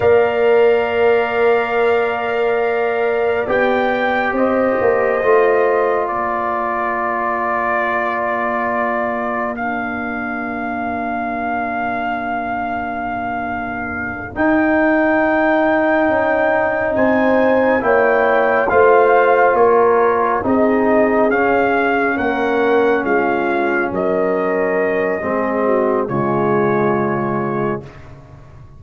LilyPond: <<
  \new Staff \with { instrumentName = "trumpet" } { \time 4/4 \tempo 4 = 69 f''1 | g''4 dis''2 d''4~ | d''2. f''4~ | f''1~ |
f''8 g''2. gis''8~ | gis''8 g''4 f''4 cis''4 dis''8~ | dis''8 f''4 fis''4 f''4 dis''8~ | dis''2 cis''2 | }
  \new Staff \with { instrumentName = "horn" } { \time 4/4 d''1~ | d''4 c''2 ais'4~ | ais'1~ | ais'1~ |
ais'2.~ ais'8 c''8~ | c''8 cis''4 c''4 ais'4 gis'8~ | gis'4. ais'4 f'4 ais'8~ | ais'4 gis'8 fis'8 f'2 | }
  \new Staff \with { instrumentName = "trombone" } { \time 4/4 ais'1 | g'2 f'2~ | f'2. d'4~ | d'1~ |
d'8 dis'2.~ dis'8~ | dis'8 e'4 f'2 dis'8~ | dis'8 cis'2.~ cis'8~ | cis'4 c'4 gis2 | }
  \new Staff \with { instrumentName = "tuba" } { \time 4/4 ais1 | b4 c'8 ais8 a4 ais4~ | ais1~ | ais1~ |
ais8 dis'2 cis'4 c'8~ | c'8 ais4 a4 ais4 c'8~ | c'8 cis'4 ais4 gis4 fis8~ | fis4 gis4 cis2 | }
>>